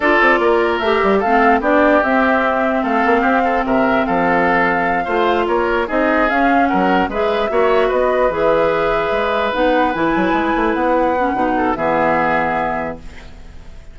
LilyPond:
<<
  \new Staff \with { instrumentName = "flute" } { \time 4/4 \tempo 4 = 148 d''2 e''4 f''4 | d''4 e''2 f''4~ | f''4 e''4 f''2~ | f''4. cis''4 dis''4 f''8~ |
f''8 fis''4 e''2 dis''8~ | dis''8 e''2. fis''8~ | fis''8 gis''2 fis''4.~ | fis''4 e''2. | }
  \new Staff \with { instrumentName = "oboe" } { \time 4/4 a'4 ais'2 a'4 | g'2. a'4 | g'8 a'8 ais'4 a'2~ | a'8 c''4 ais'4 gis'4.~ |
gis'8 ais'4 b'4 cis''4 b'8~ | b'1~ | b'1~ | b'8 a'8 gis'2. | }
  \new Staff \with { instrumentName = "clarinet" } { \time 4/4 f'2 g'4 c'4 | d'4 c'2.~ | c'1~ | c'8 f'2 dis'4 cis'8~ |
cis'4. gis'4 fis'4.~ | fis'8 gis'2. dis'8~ | dis'8 e'2. cis'8 | dis'4 b2. | }
  \new Staff \with { instrumentName = "bassoon" } { \time 4/4 d'8 c'8 ais4 a8 g8 a4 | b4 c'2 a8 ais8 | c'4 c4 f2~ | f8 a4 ais4 c'4 cis'8~ |
cis'8 fis4 gis4 ais4 b8~ | b8 e2 gis4 b8~ | b8 e8 fis8 gis8 a8 b4. | b,4 e2. | }
>>